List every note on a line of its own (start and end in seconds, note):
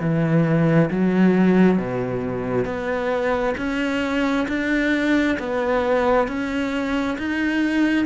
0.00 0.90 E3
0.90 1.77 F#3
1.77 2.65 B2
2.65 3.54 B3
3.57 4.47 C#4
4.48 5.38 D4
5.39 6.28 B3
6.28 7.17 C#4
7.18 8.06 D#4